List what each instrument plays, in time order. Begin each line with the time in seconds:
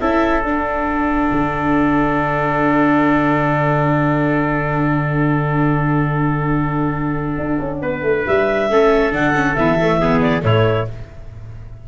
0.00 tuba C#4, viola E4, trumpet A4, clarinet E5
0.43 tuba D4, viola D4, clarinet F#5
1.31 tuba D3
7.37 tuba D4
7.60 tuba C#4
7.82 tuba B3, trumpet B4
8.02 tuba A3
8.26 tuba G3, clarinet E5
8.69 tuba A3, viola C#4, trumpet A4
9.12 tuba D3, viola D4, clarinet F#5
9.34 viola C#4
9.55 tuba E3, viola B3, clarinet E5
9.81 viola A3
10.01 viola B3, trumpet G#4
10.21 clarinet D5
10.42 tuba A2, viola A3, trumpet E4, clarinet C#5